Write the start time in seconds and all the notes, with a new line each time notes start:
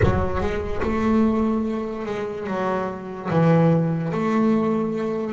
0.02 F#3
0.40 G#3
0.82 A3
2.05 G#3
2.47 F#3
3.30 E3
4.12 A3